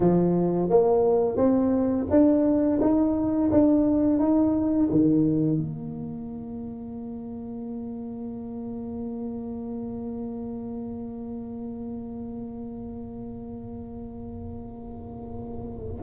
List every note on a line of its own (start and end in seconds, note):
0.00 0.69 F3
0.69 1.36 A#3
1.36 2.06 C4
2.10 2.80 D4
2.81 3.50 D#4
3.51 4.19 D4
4.19 4.89 D#4
4.90 5.57 D#3
5.57 16.02 A#3